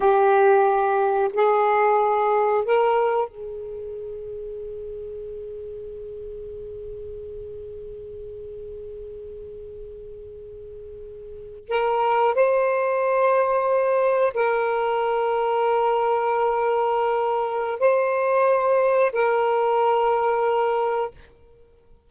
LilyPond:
\new Staff \with { instrumentName = "saxophone" } { \time 4/4 \tempo 4 = 91 g'2 gis'2 | ais'4 gis'2.~ | gis'1~ | gis'1~ |
gis'4.~ gis'16 ais'4 c''4~ c''16~ | c''4.~ c''16 ais'2~ ais'16~ | ais'2. c''4~ | c''4 ais'2. | }